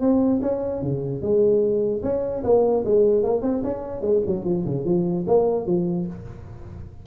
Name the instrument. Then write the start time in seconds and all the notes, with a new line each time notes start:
tuba
0.00 C4
0.41 C#4
0.82 C#3
1.21 G#3
2.02 C#4
2.43 A#3
2.84 G#3
3.23 A#3
3.42 C4
3.64 C#4
4.01 G#3
4.27 F#3
4.44 F3
4.65 C#3
4.84 F3
5.26 A#3
5.66 F3